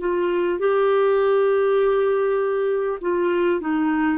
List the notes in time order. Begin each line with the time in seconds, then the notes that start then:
0.00 F4
0.59 G4
3.01 F4
3.61 D#4